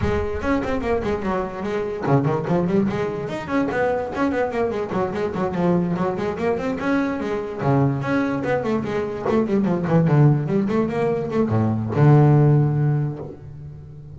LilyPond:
\new Staff \with { instrumentName = "double bass" } { \time 4/4 \tempo 4 = 146 gis4 cis'8 c'8 ais8 gis8 fis4 | gis4 cis8 dis8 f8 g8 gis4 | dis'8 cis'8 b4 cis'8 b8 ais8 gis8 | fis8 gis8 fis8 f4 fis8 gis8 ais8 |
c'8 cis'4 gis4 cis4 cis'8~ | cis'8 b8 a8 gis4 a8 g8 f8 | e8 d4 g8 a8 ais4 a8 | a,4 d2. | }